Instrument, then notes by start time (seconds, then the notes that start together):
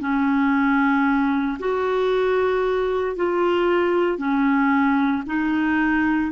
clarinet
0.00 C#4
1.59 F#4
3.16 F4
4.18 C#4
5.26 D#4